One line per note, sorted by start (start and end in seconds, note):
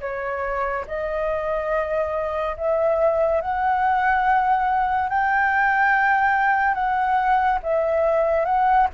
0.00 0.85 C#5
0.87 2.56 D#5
2.56 3.41 E5
3.41 5.09 F#5
5.09 6.74 G5
6.74 7.58 F#5
7.62 8.45 E5
8.45 8.87 F#5